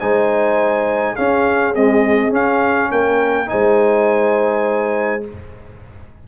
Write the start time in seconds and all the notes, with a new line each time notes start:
0.00 G#3 D#4 C5 G#5
1.16 C#4 G#4 F5
1.75 G#3 C4 D#5
2.31 C#4 F5
2.92 A#3 A#4 G5
3.47 D#4 C5 G#5
3.53 G#3